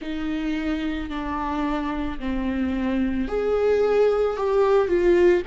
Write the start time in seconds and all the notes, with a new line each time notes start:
0.01 D#4
1.09 D4
2.19 C4
3.28 G#4
4.36 G4
4.87 F4